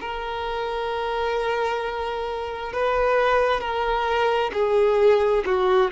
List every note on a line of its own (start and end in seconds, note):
0.00 2.73 A#4
2.73 3.60 B4
3.60 4.51 A#4
4.53 5.44 G#4
5.45 5.91 F#4